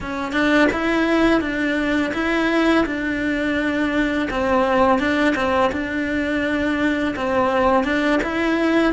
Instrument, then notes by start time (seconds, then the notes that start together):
cello
0.01 C#4
0.32 D4
0.72 E4
1.41 D4
2.13 E4
2.85 D4
4.30 C4
4.99 D4
5.35 C4
5.71 D4
7.16 C4
7.84 D4
8.23 E4